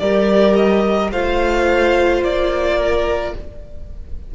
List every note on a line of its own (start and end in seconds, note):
0.00 1.12 G3
0.00 1.12 G4
0.00 1.12 A#4
0.00 0.55 D5
0.55 1.11 D#5
1.12 2.23 A3
1.12 3.34 F4
1.12 2.78 C5
1.12 2.24 F5
2.23 3.34 A#3
2.23 3.35 D5
2.78 3.34 A#4